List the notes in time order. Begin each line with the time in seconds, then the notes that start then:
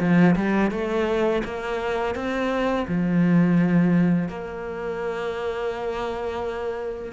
0.00 F3
0.36 G3
0.71 A3
1.44 A#3
2.15 C4
2.88 F3
4.29 A#3